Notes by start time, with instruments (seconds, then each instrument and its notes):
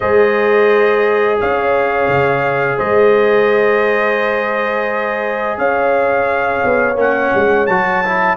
0.00 tuba G#3, trombone G#4, horn C5, trumpet D#5
1.39 tuba C#4, horn C#5, trumpet F5
2.08 tuba C#3
2.77 tuba G#3, horn C5, trumpet D#5
5.57 tuba C#4, horn C#5, trumpet F5
6.64 tuba B3
6.95 tuba A#3, trombone C#4, trumpet F#5
7.34 tuba G#3
7.66 tuba F#3, trombone F#4, trumpet A5
8.05 trombone E4